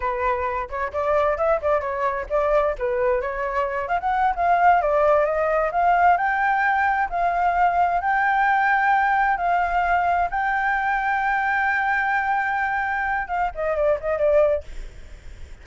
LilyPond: \new Staff \with { instrumentName = "flute" } { \time 4/4 \tempo 4 = 131 b'4. cis''8 d''4 e''8 d''8 | cis''4 d''4 b'4 cis''4~ | cis''8 f''16 fis''8. f''4 d''4 dis''8~ | dis''8 f''4 g''2 f''8~ |
f''4. g''2~ g''8~ | g''8 f''2 g''4.~ | g''1~ | g''4 f''8 dis''8 d''8 dis''8 d''4 | }